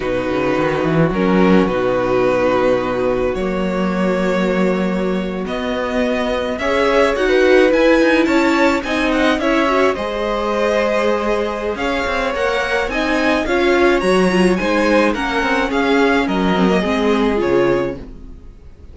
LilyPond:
<<
  \new Staff \with { instrumentName = "violin" } { \time 4/4 \tempo 4 = 107 b'2 ais'4 b'4~ | b'2 cis''2~ | cis''4.~ cis''16 dis''2 e''16~ | e''8. fis''4 gis''4 a''4 gis''16~ |
gis''16 fis''8 e''4 dis''2~ dis''16~ | dis''4 f''4 fis''4 gis''4 | f''4 ais''4 gis''4 fis''4 | f''4 dis''2 cis''4 | }
  \new Staff \with { instrumentName = "violin" } { \time 4/4 fis'1~ | fis'1~ | fis'2.~ fis'8. cis''16~ | cis''4 b'4.~ b'16 cis''4 dis''16~ |
dis''8. cis''4 c''2~ c''16~ | c''4 cis''2 dis''4 | cis''2 c''4 ais'4 | gis'4 ais'4 gis'2 | }
  \new Staff \with { instrumentName = "viola" } { \time 4/4 dis'2 cis'4 dis'4~ | dis'2 ais2~ | ais4.~ ais16 b2 gis'16~ | gis'8. fis'4 e'2 dis'16~ |
dis'8. e'8 fis'8 gis'2~ gis'16~ | gis'2 ais'4 dis'4 | f'4 fis'8 f'8 dis'4 cis'4~ | cis'4. c'16 ais16 c'4 f'4 | }
  \new Staff \with { instrumentName = "cello" } { \time 4/4 b,8 cis8 dis8 e8 fis4 b,4~ | b,2 fis2~ | fis4.~ fis16 b2 cis'16~ | cis'8. dis'4 e'8 dis'8 cis'4 c'16~ |
c'8. cis'4 gis2~ gis16~ | gis4 cis'8 c'8 ais4 c'4 | cis'4 fis4 gis4 ais8 c'8 | cis'4 fis4 gis4 cis4 | }
>>